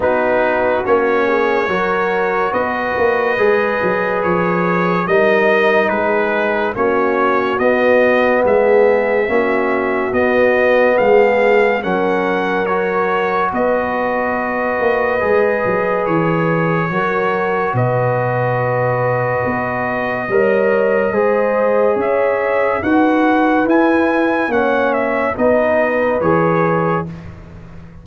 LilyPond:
<<
  \new Staff \with { instrumentName = "trumpet" } { \time 4/4 \tempo 4 = 71 b'4 cis''2 dis''4~ | dis''4 cis''4 dis''4 b'4 | cis''4 dis''4 e''2 | dis''4 f''4 fis''4 cis''4 |
dis''2. cis''4~ | cis''4 dis''2.~ | dis''2 e''4 fis''4 | gis''4 fis''8 e''8 dis''4 cis''4 | }
  \new Staff \with { instrumentName = "horn" } { \time 4/4 fis'4. gis'8 ais'4 b'4~ | b'2 ais'4 gis'4 | fis'2 gis'4 fis'4~ | fis'4 gis'4 ais'2 |
b'1 | ais'4 b'2. | cis''4 c''4 cis''4 b'4~ | b'4 cis''4 b'2 | }
  \new Staff \with { instrumentName = "trombone" } { \time 4/4 dis'4 cis'4 fis'2 | gis'2 dis'2 | cis'4 b2 cis'4 | b2 cis'4 fis'4~ |
fis'2 gis'2 | fis'1 | ais'4 gis'2 fis'4 | e'4 cis'4 dis'4 gis'4 | }
  \new Staff \with { instrumentName = "tuba" } { \time 4/4 b4 ais4 fis4 b8 ais8 | gis8 fis8 f4 g4 gis4 | ais4 b4 gis4 ais4 | b4 gis4 fis2 |
b4. ais8 gis8 fis8 e4 | fis4 b,2 b4 | g4 gis4 cis'4 dis'4 | e'4 ais4 b4 e4 | }
>>